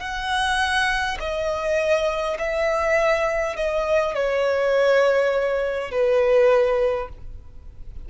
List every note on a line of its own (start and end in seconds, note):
0.00 1.18 F#5
1.20 2.38 D#5
2.39 3.57 E5
3.57 4.15 D#5
4.15 5.91 C#5
5.91 7.09 B4